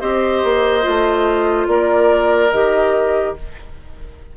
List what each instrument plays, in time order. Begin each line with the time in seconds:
0.00 bassoon C4, clarinet G4, oboe C5, flute D#5
0.43 bassoon A#3
0.82 bassoon A3, clarinet F4
1.67 bassoon A#3, oboe A#4, flute D5
2.51 bassoon D#3, clarinet G4, flute D#5